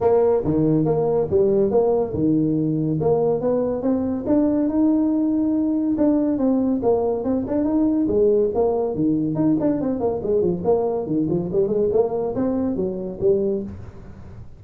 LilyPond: \new Staff \with { instrumentName = "tuba" } { \time 4/4 \tempo 4 = 141 ais4 dis4 ais4 g4 | ais4 dis2 ais4 | b4 c'4 d'4 dis'4~ | dis'2 d'4 c'4 |
ais4 c'8 d'8 dis'4 gis4 | ais4 dis4 dis'8 d'8 c'8 ais8 | gis8 f8 ais4 dis8 f8 g8 gis8 | ais4 c'4 fis4 g4 | }